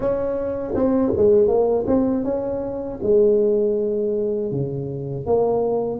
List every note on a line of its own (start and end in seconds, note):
0.00 0.73 C#4
0.75 1.12 C4
1.16 1.47 G#3
1.47 1.85 A#3
1.86 2.24 C4
2.24 2.99 C#4
3.02 4.51 G#3
4.51 5.25 C#3
5.25 5.99 A#3